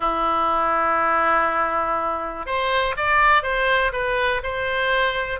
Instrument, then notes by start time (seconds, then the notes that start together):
oboe
0.00 E4
2.46 C5
2.96 D5
3.42 C5
3.92 B4
4.43 C5